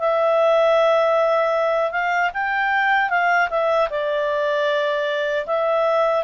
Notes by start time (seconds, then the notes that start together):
0.00 E5
1.92 F5
2.34 G5
3.10 F5
3.50 E5
3.90 D5
5.47 E5